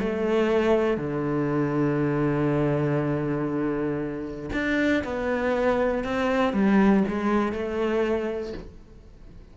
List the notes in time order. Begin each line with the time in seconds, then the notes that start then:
0.00 A3
0.97 D3
4.53 D4
5.04 B3
6.04 C4
6.53 G3
7.08 G#3
7.53 A3